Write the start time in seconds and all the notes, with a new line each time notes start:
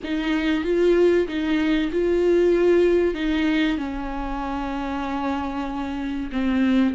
0.03 D#4
0.64 F4
1.27 D#4
1.91 F4
3.14 D#4
3.77 C#4
6.32 C4